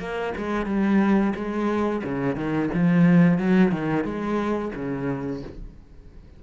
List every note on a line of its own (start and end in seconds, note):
0.00 0.34 A#3
0.38 0.66 G#3
0.66 1.34 G3
1.36 2.03 G#3
2.04 2.36 C#3
2.36 2.70 D#3
2.74 3.39 F3
3.39 3.72 F#3
3.72 4.04 D#3
4.04 4.72 G#3
4.76 5.43 C#3